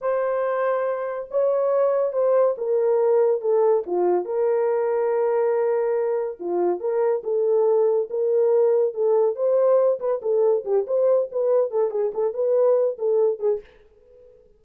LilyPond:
\new Staff \with { instrumentName = "horn" } { \time 4/4 \tempo 4 = 141 c''2. cis''4~ | cis''4 c''4 ais'2 | a'4 f'4 ais'2~ | ais'2. f'4 |
ais'4 a'2 ais'4~ | ais'4 a'4 c''4. b'8 | a'4 g'8 c''4 b'4 a'8 | gis'8 a'8 b'4. a'4 gis'8 | }